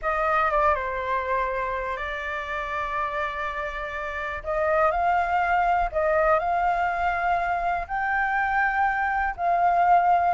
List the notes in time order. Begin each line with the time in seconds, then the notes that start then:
0.02 D#5
0.50 D5
0.75 C5
1.96 D5
4.43 D#5
4.91 F5
5.92 D#5
6.39 F5
7.87 G5
9.36 F5